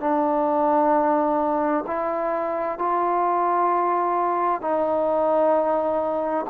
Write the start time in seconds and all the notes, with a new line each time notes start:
0.00 D4
1.87 E4
2.79 F4
4.61 D#4